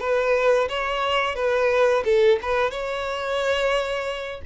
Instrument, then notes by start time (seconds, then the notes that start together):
violin
0.00 B4
0.69 C#5
1.35 B4
2.05 A4
2.42 B4
2.71 C#5